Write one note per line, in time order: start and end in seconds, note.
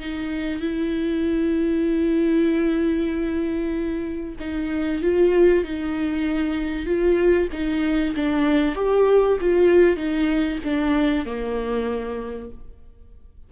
0.00 0.61 D#4
0.61 4.36 E4
4.40 5.03 D#4
5.03 5.64 F4
5.64 6.87 D#4
6.87 7.49 F4
7.53 8.15 D#4
8.16 8.76 D4
8.76 9.38 G4
9.41 9.97 F4
9.97 10.59 D#4
10.64 11.26 D4
11.26 12.51 A#3